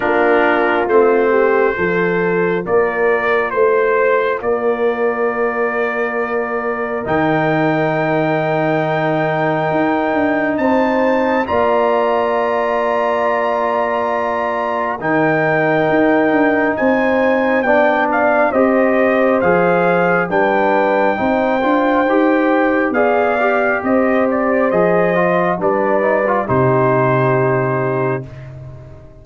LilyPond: <<
  \new Staff \with { instrumentName = "trumpet" } { \time 4/4 \tempo 4 = 68 ais'4 c''2 d''4 | c''4 d''2. | g''1 | a''4 ais''2.~ |
ais''4 g''2 gis''4 | g''8 f''8 dis''4 f''4 g''4~ | g''2 f''4 dis''8 d''8 | dis''4 d''4 c''2 | }
  \new Staff \with { instrumentName = "horn" } { \time 4/4 f'4. g'8 a'4 ais'4 | c''4 ais'2.~ | ais'1 | c''4 d''2.~ |
d''4 ais'2 c''4 | d''4 c''2 b'4 | c''2 d''4 c''4~ | c''4 b'4 g'2 | }
  \new Staff \with { instrumentName = "trombone" } { \time 4/4 d'4 c'4 f'2~ | f'1 | dis'1~ | dis'4 f'2.~ |
f'4 dis'2. | d'4 g'4 gis'4 d'4 | dis'8 f'8 g'4 gis'8 g'4. | gis'8 f'8 d'8 dis'16 f'16 dis'2 | }
  \new Staff \with { instrumentName = "tuba" } { \time 4/4 ais4 a4 f4 ais4 | a4 ais2. | dis2. dis'8 d'8 | c'4 ais2.~ |
ais4 dis4 dis'8 d'8 c'4 | b4 c'4 f4 g4 | c'8 d'8 dis'4 b4 c'4 | f4 g4 c2 | }
>>